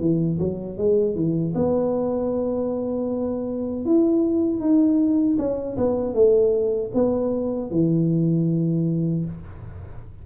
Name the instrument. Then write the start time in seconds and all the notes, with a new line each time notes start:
tuba
0.00 E3
0.39 F#3
0.78 G#3
1.15 E3
1.55 B3
3.85 E4
4.60 D#4
5.38 C#4
5.77 B3
6.14 A3
6.94 B3
7.71 E3